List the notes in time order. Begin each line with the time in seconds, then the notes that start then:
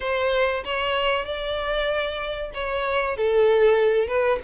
0.00 C5
0.65 C#5
1.25 D5
2.53 C#5
3.17 A4
4.07 B4